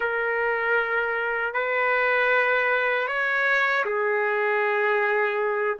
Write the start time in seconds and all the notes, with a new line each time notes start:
0.00 A#4
1.53 B4
3.07 C#5
3.85 G#4